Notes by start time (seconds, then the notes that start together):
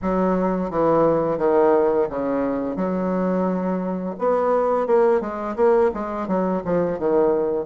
0.02 F#3
0.70 E3
1.38 D#3
2.09 C#3
2.76 F#3
4.18 B3
4.86 A#3
5.20 G#3
5.56 A#3
5.94 G#3
6.27 F#3
6.64 F3
6.99 D#3